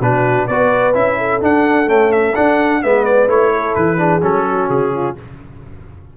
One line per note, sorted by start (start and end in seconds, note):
0.00 0.47 B2
0.00 0.49 D4
0.00 0.47 F#4
0.00 0.47 B4
0.47 0.94 B3
0.47 0.93 F#4
0.47 1.18 B4
0.47 0.94 D5
0.93 1.41 C#4
0.93 1.40 E4
0.93 1.41 E5
1.18 2.82 A4
1.40 1.86 D4
1.40 1.87 D4
1.40 1.89 F#5
1.86 2.33 A3
1.86 2.34 C#4
1.86 2.12 G5
2.12 2.35 E5
2.35 2.82 D4
2.35 2.84 D4
2.35 2.82 F#5
2.82 3.28 G#3
2.82 3.27 B3
2.82 3.52 B4
2.82 3.05 E5
3.05 3.28 D5
3.27 3.75 A3
3.27 3.97 E4
3.27 3.75 C#5
3.52 3.98 A4
3.75 4.22 E3
3.75 4.21 B4
3.97 4.21 D4
3.97 4.45 G#4
4.22 4.69 F#3
4.22 5.16 C#4
4.22 4.69 A4
4.49 4.94 F#4
4.69 5.16 C#3
4.69 5.16 G#4
4.94 5.17 F4